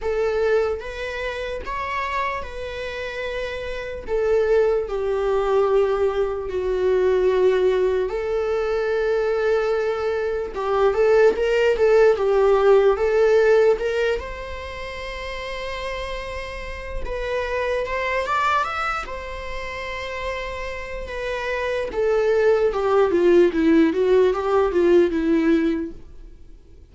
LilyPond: \new Staff \with { instrumentName = "viola" } { \time 4/4 \tempo 4 = 74 a'4 b'4 cis''4 b'4~ | b'4 a'4 g'2 | fis'2 a'2~ | a'4 g'8 a'8 ais'8 a'8 g'4 |
a'4 ais'8 c''2~ c''8~ | c''4 b'4 c''8 d''8 e''8 c''8~ | c''2 b'4 a'4 | g'8 f'8 e'8 fis'8 g'8 f'8 e'4 | }